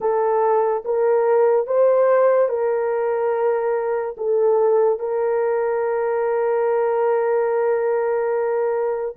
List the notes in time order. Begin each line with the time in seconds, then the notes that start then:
0.00 A4
0.84 A#4
1.66 C5
2.48 A#4
4.17 A4
4.99 A#4